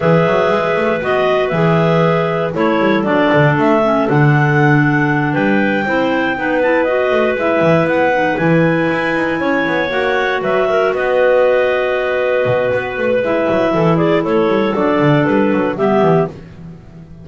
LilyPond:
<<
  \new Staff \with { instrumentName = "clarinet" } { \time 4/4 \tempo 4 = 118 e''2 dis''4 e''4~ | e''4 cis''4 d''4 e''4 | fis''2~ fis''8 g''4.~ | g''4 a''8 dis''4 e''4 fis''8~ |
fis''8 gis''2. fis''8~ | fis''8 e''4 dis''2~ dis''8~ | dis''4 b'4 e''4. d''8 | cis''4 d''4 b'4 e''4 | }
  \new Staff \with { instrumentName = "clarinet" } { \time 4/4 b'1~ | b'4 a'2.~ | a'2~ a'8 b'4 c''8~ | c''8 b'2.~ b'8~ |
b'2~ b'8 cis''4.~ | cis''8 b'8 ais'8 b'2~ b'8~ | b'2. a'8 gis'8 | a'2. g'4 | }
  \new Staff \with { instrumentName = "clarinet" } { \time 4/4 gis'2 fis'4 gis'4~ | gis'4 e'4 d'4. cis'8 | d'2.~ d'8 e'8~ | e'8 dis'8 e'8 fis'4 e'4. |
dis'8 e'2. fis'8~ | fis'1~ | fis'2 e'2~ | e'4 d'2 b4 | }
  \new Staff \with { instrumentName = "double bass" } { \time 4/4 e8 fis8 gis8 a8 b4 e4~ | e4 a8 g8 fis8 d8 a4 | d2~ d8 g4 c'8~ | c'8 b4. a8 gis8 e8 b8~ |
b8 e4 e'8 dis'8 cis'8 b8 ais8~ | ais8 fis4 b2~ b8~ | b8 b,8 b8 a8 gis8 fis8 e4 | a8 g8 fis8 d8 g8 fis8 g8 e8 | }
>>